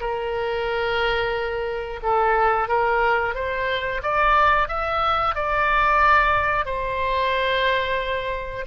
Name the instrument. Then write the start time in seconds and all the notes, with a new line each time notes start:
oboe
0.00 A#4
2.02 A4
2.68 A#4
3.35 C5
4.02 D5
4.68 E5
5.35 D5
6.65 C5